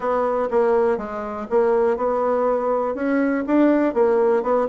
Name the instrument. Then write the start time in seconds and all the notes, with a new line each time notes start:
bassoon
0.00 B3
0.50 A#3
0.97 G#3
1.50 A#3
1.96 B3
2.94 C#4
3.46 D4
3.94 A#3
4.43 B3